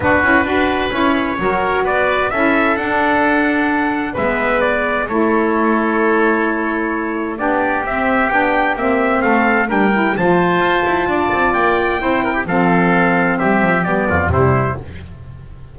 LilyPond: <<
  \new Staff \with { instrumentName = "trumpet" } { \time 4/4 \tempo 4 = 130 b'2 cis''2 | d''4 e''4 fis''2~ | fis''4 e''4 d''4 cis''4~ | cis''1 |
d''4 e''4 g''4 e''4 | f''4 g''4 a''2~ | a''4 g''2 f''4~ | f''4 e''4 d''4 c''4 | }
  \new Staff \with { instrumentName = "oboe" } { \time 4/4 fis'4 b'2 ais'4 | b'4 a'2.~ | a'4 b'2 a'4~ | a'1 |
g'1 | a'4 ais'4 c''2 | d''2 c''8 ais'16 g'16 a'4~ | a'4 g'4. f'8 e'4 | }
  \new Staff \with { instrumentName = "saxophone" } { \time 4/4 d'8 e'8 fis'4 e'4 fis'4~ | fis'4 e'4 d'2~ | d'4 b2 e'4~ | e'1 |
d'4 c'4 d'4 c'4~ | c'4 d'8 e'8 f'2~ | f'2 e'4 c'4~ | c'2 b4 g4 | }
  \new Staff \with { instrumentName = "double bass" } { \time 4/4 b8 cis'8 d'4 cis'4 fis4 | b4 cis'4 d'2~ | d'4 gis2 a4~ | a1 |
b4 c'4 b4 ais4 | a4 g4 f4 f'8 e'8 | d'8 c'8 ais4 c'4 f4~ | f4 g8 f8 g8 f,8 c4 | }
>>